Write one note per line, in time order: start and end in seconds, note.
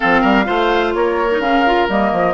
0.00 0.23 F3
0.00 0.44 C4
0.00 0.21 A4
0.00 0.92 F5
0.21 0.47 G3
0.21 0.44 A#4
0.44 0.94 A3
0.44 1.27 F4
0.44 0.93 C5
0.93 1.39 A#3
0.93 2.34 A#4
0.93 1.40 C#5
1.31 1.40 D#4
1.39 1.86 C#3
1.39 1.64 C#4
1.39 1.87 F5
1.66 1.89 F4
1.89 2.12 G3
1.89 2.34 A#3
1.89 2.34 D#5
2.12 2.34 F3